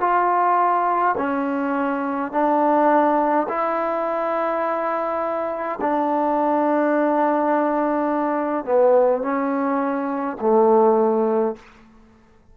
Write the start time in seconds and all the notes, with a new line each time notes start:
0.00 F4
1.17 C#4
2.31 D4
3.48 E4
5.81 D4
8.65 B3
9.22 C#4
10.40 A3